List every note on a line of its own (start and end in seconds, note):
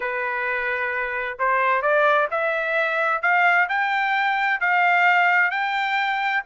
0.00 1.38 B4
1.38 1.82 C5
1.82 2.28 D5
2.31 3.22 E5
3.22 3.68 F5
3.68 4.60 G5
4.60 5.50 F5
5.50 6.43 G5